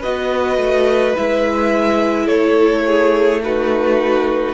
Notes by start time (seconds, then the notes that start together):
0.00 B3 F#4 B4 D#5
0.57 A3
1.16 G#3 E4 E5
2.25 A3 A4 C#5
2.86 G#4
3.43 D#4 F#4 B4